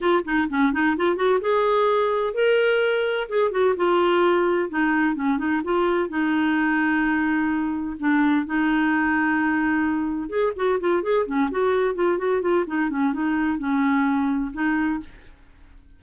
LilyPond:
\new Staff \with { instrumentName = "clarinet" } { \time 4/4 \tempo 4 = 128 f'8 dis'8 cis'8 dis'8 f'8 fis'8 gis'4~ | gis'4 ais'2 gis'8 fis'8 | f'2 dis'4 cis'8 dis'8 | f'4 dis'2.~ |
dis'4 d'4 dis'2~ | dis'2 gis'8 fis'8 f'8 gis'8 | cis'8 fis'4 f'8 fis'8 f'8 dis'8 cis'8 | dis'4 cis'2 dis'4 | }